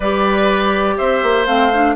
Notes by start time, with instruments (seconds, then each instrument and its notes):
0.00 bassoon G3, clarinet G4, oboe B4, flute D5
0.97 bassoon C4, oboe C5, flute E5
1.22 bassoon A#3
1.46 bassoon A3, clarinet C4, flute F5
1.73 clarinet D4